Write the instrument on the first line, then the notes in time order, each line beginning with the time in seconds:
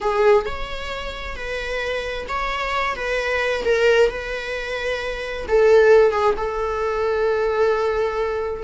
viola
0.00 G#4
0.45 C#5
1.36 B4
2.28 C#5
2.95 B4
3.64 A#4
4.10 B4
5.48 A4
6.11 G#4
6.37 A4